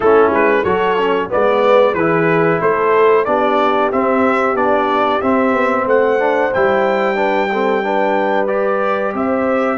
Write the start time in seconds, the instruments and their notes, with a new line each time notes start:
0.00 tuba A3, trombone C#4, horn E4, trumpet A4
0.30 tuba G#3, trumpet B4
0.63 tuba F#3, trombone F#4, horn A4, trumpet C#5
0.97 trombone C#4
1.29 tuba G#3, trombone B3, horn B4, trumpet D5
1.94 tuba E3, trombone E4, horn G#4, trumpet B4
2.60 tuba A3, horn A4, trumpet C5
3.25 tuba B3, trombone D4, horn G4, trumpet D5
3.92 trombone C4, tuba C4, trumpet E5
4.54 tuba B3, trombone D4, trumpet D5
5.21 trombone C4, tuba C4, trumpet E5
5.53 tuba B3
5.85 tuba A3, horn C5, trumpet F#5
6.18 trombone D4
6.53 tuba G3, trombone E4, trumpet G5
7.15 trombone D4, horn B4
7.51 trombone C4, horn A4
7.82 trombone D4, horn B4
8.47 trombone G4, trumpet D5
9.14 tuba C4, horn C5, trumpet E5